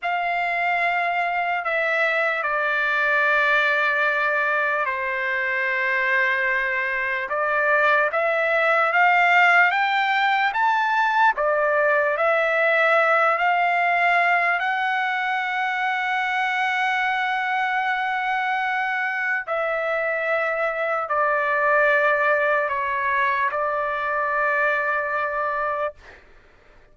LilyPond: \new Staff \with { instrumentName = "trumpet" } { \time 4/4 \tempo 4 = 74 f''2 e''4 d''4~ | d''2 c''2~ | c''4 d''4 e''4 f''4 | g''4 a''4 d''4 e''4~ |
e''8 f''4. fis''2~ | fis''1 | e''2 d''2 | cis''4 d''2. | }